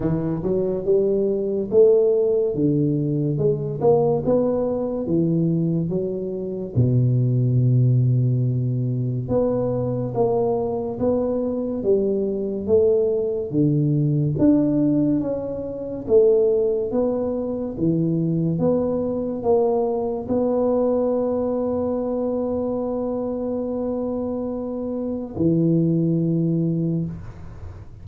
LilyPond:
\new Staff \with { instrumentName = "tuba" } { \time 4/4 \tempo 4 = 71 e8 fis8 g4 a4 d4 | gis8 ais8 b4 e4 fis4 | b,2. b4 | ais4 b4 g4 a4 |
d4 d'4 cis'4 a4 | b4 e4 b4 ais4 | b1~ | b2 e2 | }